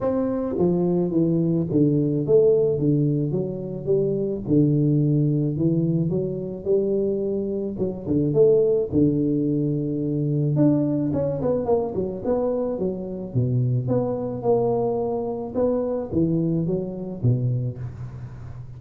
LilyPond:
\new Staff \with { instrumentName = "tuba" } { \time 4/4 \tempo 4 = 108 c'4 f4 e4 d4 | a4 d4 fis4 g4 | d2 e4 fis4 | g2 fis8 d8 a4 |
d2. d'4 | cis'8 b8 ais8 fis8 b4 fis4 | b,4 b4 ais2 | b4 e4 fis4 b,4 | }